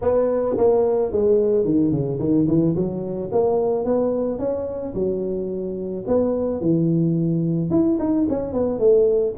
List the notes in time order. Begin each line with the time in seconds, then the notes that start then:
0.01 B3
0.57 A#3
1.12 G#3
1.64 D#3
1.91 C#3
2.19 D#3
2.47 E3
2.75 F#3
3.32 A#3
3.85 B3
4.38 C#4
4.94 F#3
6.07 B3
6.61 E3
7.70 E4
7.99 D#4
8.29 C#4
8.52 B3
8.79 A3